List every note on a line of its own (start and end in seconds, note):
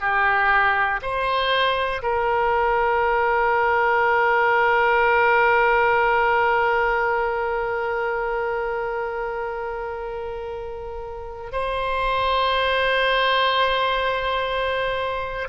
0.00 1.00 G4
1.02 2.02 C5
2.02 11.52 A#4
11.52 15.48 C5